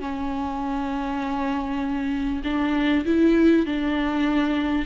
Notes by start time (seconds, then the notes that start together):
0.00 C#4
2.45 D4
3.06 E4
3.67 D4